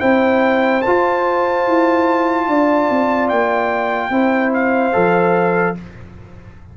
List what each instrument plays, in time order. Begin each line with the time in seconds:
0.00 tuba C4, trombone E4, horn C5, trumpet G5
0.82 trombone F4, tuba F4, trumpet A5
1.67 tuba E4
2.48 tuba D4, horn D5
2.90 tuba C4
3.29 tuba A#3, trumpet G5
4.10 tuba C4, trombone E4, horn C5
4.54 trumpet F5
4.93 tuba F3, trombone A4